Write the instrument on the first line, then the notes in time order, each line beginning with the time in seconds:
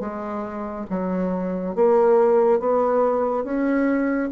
bassoon
0.00 G#3
0.90 F#3
1.75 A#3
2.59 B3
3.44 C#4